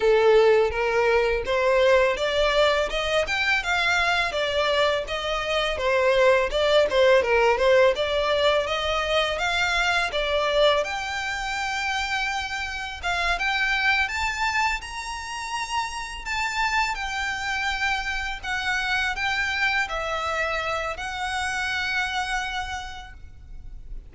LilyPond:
\new Staff \with { instrumentName = "violin" } { \time 4/4 \tempo 4 = 83 a'4 ais'4 c''4 d''4 | dis''8 g''8 f''4 d''4 dis''4 | c''4 d''8 c''8 ais'8 c''8 d''4 | dis''4 f''4 d''4 g''4~ |
g''2 f''8 g''4 a''8~ | a''8 ais''2 a''4 g''8~ | g''4. fis''4 g''4 e''8~ | e''4 fis''2. | }